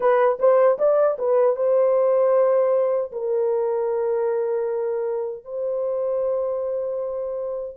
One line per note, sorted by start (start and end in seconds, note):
0.00 0.38 B4
0.39 0.78 C5
0.78 1.17 D5
1.18 1.55 B4
1.55 3.11 C5
3.12 5.44 A#4
5.44 7.77 C5